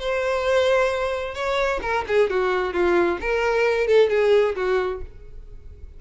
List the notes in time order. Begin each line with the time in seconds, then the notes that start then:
0.00 C5
1.35 C#5
1.83 A#4
2.08 G#4
2.30 F#4
2.74 F4
3.21 A#4
3.88 A4
4.10 G#4
4.56 F#4